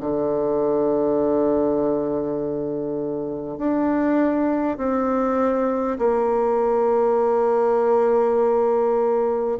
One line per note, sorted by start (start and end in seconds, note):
0.00 3.58 D3
3.58 4.78 D4
4.78 5.98 C4
5.98 9.58 A#3